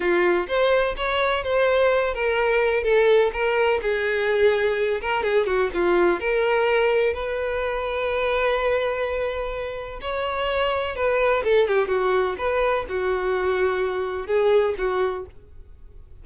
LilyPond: \new Staff \with { instrumentName = "violin" } { \time 4/4 \tempo 4 = 126 f'4 c''4 cis''4 c''4~ | c''8 ais'4. a'4 ais'4 | gis'2~ gis'8 ais'8 gis'8 fis'8 | f'4 ais'2 b'4~ |
b'1~ | b'4 cis''2 b'4 | a'8 g'8 fis'4 b'4 fis'4~ | fis'2 gis'4 fis'4 | }